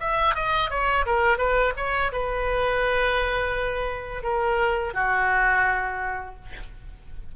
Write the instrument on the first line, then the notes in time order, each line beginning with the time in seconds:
oboe
0.00 E5
0.36 D#5
0.71 C#5
1.06 A#4
1.38 B4
1.77 C#5
2.12 B4
4.24 A#4
4.94 F#4